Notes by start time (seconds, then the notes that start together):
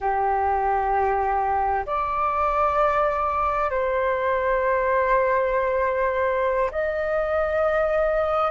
0.00 G4
1.86 D5
3.70 C5
6.71 D#5